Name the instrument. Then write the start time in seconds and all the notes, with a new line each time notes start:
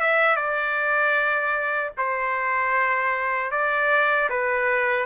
trumpet
0.00 E5
0.36 D5
1.97 C5
3.51 D5
4.29 B4